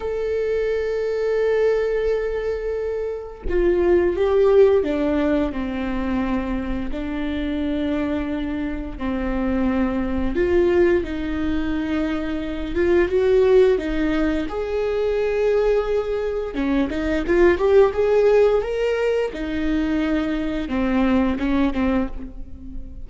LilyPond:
\new Staff \with { instrumentName = "viola" } { \time 4/4 \tempo 4 = 87 a'1~ | a'4 f'4 g'4 d'4 | c'2 d'2~ | d'4 c'2 f'4 |
dis'2~ dis'8 f'8 fis'4 | dis'4 gis'2. | cis'8 dis'8 f'8 g'8 gis'4 ais'4 | dis'2 c'4 cis'8 c'8 | }